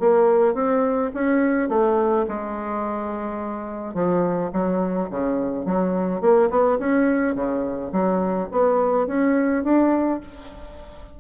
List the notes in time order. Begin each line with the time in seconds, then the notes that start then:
0.00 A#3
0.54 C4
1.14 C#4
1.69 A3
2.28 G#3
3.94 F3
4.53 F#3
5.10 C#3
5.66 F#3
6.21 A#3
6.50 B3
6.79 C#4
7.35 C#3
7.92 F#3
8.52 B3
9.07 C#4
9.64 D4